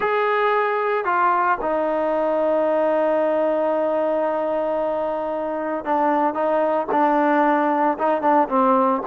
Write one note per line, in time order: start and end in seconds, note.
0.00 1.04 G#4
1.04 1.57 F4
1.61 5.84 D#4
5.84 6.33 D4
6.33 6.86 D#4
6.91 7.97 D4
7.98 8.21 D#4
8.21 8.48 D4
8.49 9.02 C4